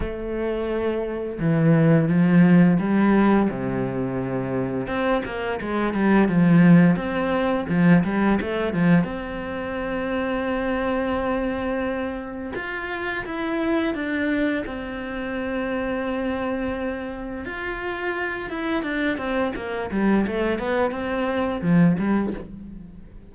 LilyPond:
\new Staff \with { instrumentName = "cello" } { \time 4/4 \tempo 4 = 86 a2 e4 f4 | g4 c2 c'8 ais8 | gis8 g8 f4 c'4 f8 g8 | a8 f8 c'2.~ |
c'2 f'4 e'4 | d'4 c'2.~ | c'4 f'4. e'8 d'8 c'8 | ais8 g8 a8 b8 c'4 f8 g8 | }